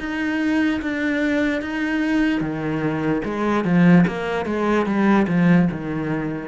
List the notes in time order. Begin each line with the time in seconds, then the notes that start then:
0.00 D#4
0.82 D4
1.62 D#4
2.41 D#3
3.25 G#3
3.65 F3
4.08 A#3
4.46 G#3
4.86 G3
5.28 F3
5.71 D#3